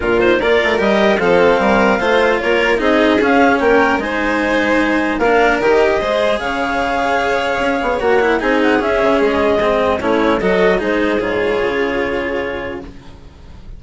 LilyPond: <<
  \new Staff \with { instrumentName = "clarinet" } { \time 4/4 \tempo 4 = 150 ais'8 c''8 d''4 dis''4 f''4~ | f''2 cis''4 dis''4 | f''4 g''4 gis''2~ | gis''4 f''4 dis''2 |
f''1 | fis''4 gis''8 fis''8 e''4 dis''4~ | dis''4 cis''4 dis''4 c''4 | cis''1 | }
  \new Staff \with { instrumentName = "violin" } { \time 4/4 f'4 ais'2 a'4 | ais'4 c''4 ais'4 gis'4~ | gis'4 ais'4 c''2~ | c''4 ais'2 c''4 |
cis''1~ | cis''4 gis'2.~ | gis'4 e'4 a'4 gis'4~ | gis'1 | }
  \new Staff \with { instrumentName = "cello" } { \time 4/4 d'8 dis'8 f'4 g'4 c'4~ | c'4 f'2 dis'4 | cis'2 dis'2~ | dis'4 d'4 g'4 gis'4~ |
gis'1 | fis'8 e'8 dis'4 cis'2 | c'4 cis'4 fis'4 dis'4 | f'1 | }
  \new Staff \with { instrumentName = "bassoon" } { \time 4/4 ais,4 ais8 a8 g4 f4 | g4 a4 ais4 c'4 | cis'4 ais4 gis2~ | gis4 ais4 dis4 gis4 |
cis2. cis'8 b8 | ais4 c'4 cis'8 cis8 gis4~ | gis4 a4 fis4 gis4 | gis,4 cis2. | }
>>